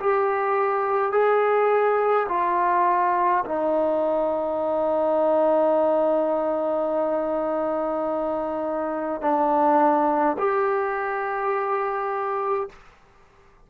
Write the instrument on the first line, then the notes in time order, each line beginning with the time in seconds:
trombone
0.00 G4
1.12 G#4
2.29 F4
3.45 D#4
9.22 D4
10.38 G4